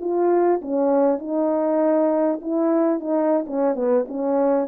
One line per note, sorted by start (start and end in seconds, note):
0.00 0.61 F4
0.61 1.18 C#4
1.18 2.40 D#4
2.41 2.99 E4
2.99 3.45 D#4
3.46 3.75 C#4
3.75 4.05 B3
4.08 4.68 C#4